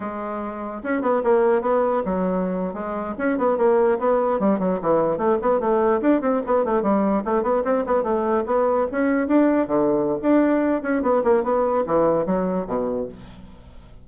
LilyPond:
\new Staff \with { instrumentName = "bassoon" } { \time 4/4 \tempo 4 = 147 gis2 cis'8 b8 ais4 | b4 fis4.~ fis16 gis4 cis'16~ | cis'16 b8 ais4 b4 g8 fis8 e16~ | e8. a8 b8 a4 d'8 c'8 b16~ |
b16 a8 g4 a8 b8 c'8 b8 a16~ | a8. b4 cis'4 d'4 d16~ | d4 d'4. cis'8 b8 ais8 | b4 e4 fis4 b,4 | }